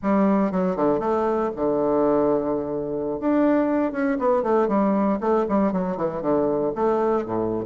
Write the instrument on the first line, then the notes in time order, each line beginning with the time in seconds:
bassoon
0.02 G3
0.51 F#3
0.76 D3
0.99 A3
1.56 D3
3.20 D4
3.92 C#4
4.18 B3
4.42 A3
4.68 G3
5.20 A3
5.48 G3
5.72 F#3
5.97 E3
6.21 D3
6.75 A3
7.25 A2